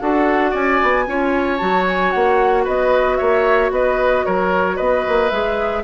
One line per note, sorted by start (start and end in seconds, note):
0.00 0.53 D4
0.00 1.06 F#4
0.00 0.51 A4
0.00 0.53 F#5
0.51 0.80 C#4
0.51 1.04 D5
0.51 1.57 G#5
0.82 1.07 B3
1.07 1.60 C#4
1.07 1.59 F4
1.07 2.64 C#5
1.57 2.14 F#3
1.57 5.30 F#4
1.57 1.84 A5
1.88 2.11 G#5
2.11 2.66 A#3
2.11 2.64 F#5
2.64 3.20 B3
2.64 3.17 B4
2.64 3.17 D#5
3.17 3.71 A#3
3.17 3.71 C#5
3.17 3.70 E5
3.71 4.24 B3
3.71 4.25 B4
3.71 4.25 D#5
4.25 4.79 F#3
4.25 4.76 A#4
4.25 4.77 C#5
4.76 5.06 B3
4.76 5.82 B4
4.76 5.30 D#5
5.08 5.31 A#3
5.30 5.84 G#3
5.30 5.84 G#4
5.30 5.83 E5